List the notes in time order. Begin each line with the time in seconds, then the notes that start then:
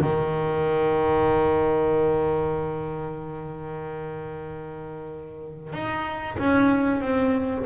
0.00 D#3
5.72 D#4
6.38 C#4
7.01 C4